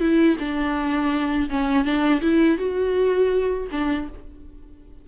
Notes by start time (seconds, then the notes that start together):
0.00 E4
0.39 D4
1.50 C#4
1.85 D4
2.21 E4
2.57 F#4
3.72 D4